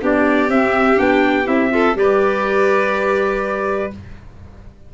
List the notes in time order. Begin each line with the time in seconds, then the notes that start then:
0.00 B3 D4 G4 D5
0.49 C4 E5
0.96 B3 D4 G5
1.45 C4 E4 E5
1.70 F4 A4
1.95 G3 G4 B4 D5